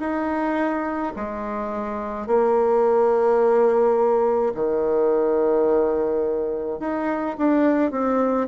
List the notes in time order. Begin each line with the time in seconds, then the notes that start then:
0.00 D#4
1.16 G#3
2.27 A#3
4.54 D#3
6.80 D#4
7.38 D4
7.91 C4